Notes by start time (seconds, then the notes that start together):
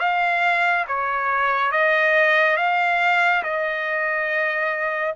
0.00 F5
0.88 C#5
1.72 D#5
2.57 F5
3.43 D#5